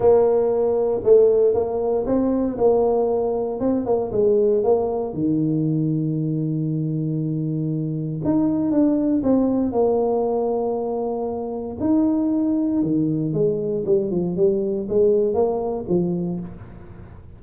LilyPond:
\new Staff \with { instrumentName = "tuba" } { \time 4/4 \tempo 4 = 117 ais2 a4 ais4 | c'4 ais2 c'8 ais8 | gis4 ais4 dis2~ | dis1 |
dis'4 d'4 c'4 ais4~ | ais2. dis'4~ | dis'4 dis4 gis4 g8 f8 | g4 gis4 ais4 f4 | }